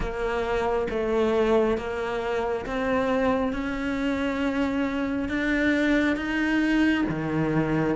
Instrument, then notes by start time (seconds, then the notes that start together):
cello
0.00 A#3
0.89 A3
1.77 A#3
2.66 C4
3.53 C#4
5.29 D4
6.16 D#4
7.09 D#3